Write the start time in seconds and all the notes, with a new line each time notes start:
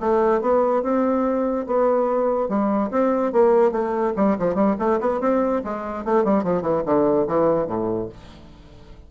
0.00 A3
0.41 B3
0.83 C4
1.67 B3
2.49 G3
2.91 C4
3.33 A#3
3.72 A3
4.16 G3
4.39 F3
4.55 G3
4.80 A3
5.01 B3
5.21 C4
5.65 G#3
6.05 A3
6.25 G3
6.44 F3
6.62 E3
6.86 D3
7.28 E3
7.67 A2